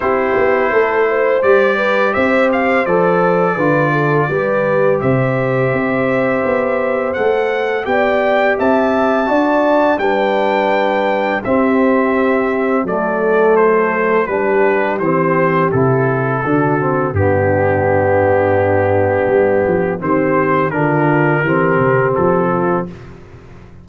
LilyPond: <<
  \new Staff \with { instrumentName = "trumpet" } { \time 4/4 \tempo 4 = 84 c''2 d''4 e''8 f''8 | d''2. e''4~ | e''2 fis''4 g''4 | a''2 g''2 |
e''2 d''4 c''4 | b'4 c''4 a'2 | g'1 | c''4 ais'2 a'4 | }
  \new Staff \with { instrumentName = "horn" } { \time 4/4 g'4 a'8 c''4 b'8 c''4~ | c''4 b'8 a'8 b'4 c''4~ | c''2. d''4 | e''4 d''4 b'2 |
g'2 a'2 | g'2. fis'4 | d'1 | g'4 f'4 g'4. f'8 | }
  \new Staff \with { instrumentName = "trombone" } { \time 4/4 e'2 g'2 | a'4 f'4 g'2~ | g'2 a'4 g'4~ | g'4 fis'4 d'2 |
c'2 a2 | d'4 c'4 e'4 d'8 c'8 | b1 | c'4 d'4 c'2 | }
  \new Staff \with { instrumentName = "tuba" } { \time 4/4 c'8 b8 a4 g4 c'4 | f4 d4 g4 c4 | c'4 b4 a4 b4 | c'4 d'4 g2 |
c'2 fis2 | g4 e4 c4 d4 | g,2. g8 f8 | dis4 d4 e8 c8 f4 | }
>>